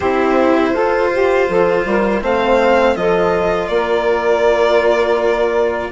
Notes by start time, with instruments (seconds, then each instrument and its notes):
0.00 bassoon C4, cello E4, saxophone G4, violin C5
0.73 bassoon F4, cello F4, saxophone A4
1.12 saxophone G4
1.48 bassoon F3, saxophone A4
1.85 bassoon G3, saxophone A#4
2.21 bassoon A3, cello C4, saxophone C5, violin F5
2.95 bassoon F3, cello F4, saxophone A4, violin D#5
3.68 bassoon A#3, saxophone A#4, violin D5